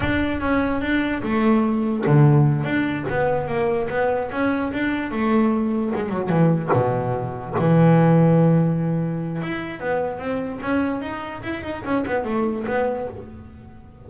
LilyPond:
\new Staff \with { instrumentName = "double bass" } { \time 4/4 \tempo 4 = 147 d'4 cis'4 d'4 a4~ | a4 d4. d'4 b8~ | b8 ais4 b4 cis'4 d'8~ | d'8 a2 gis8 fis8 e8~ |
e8 b,2 e4.~ | e2. e'4 | b4 c'4 cis'4 dis'4 | e'8 dis'8 cis'8 b8 a4 b4 | }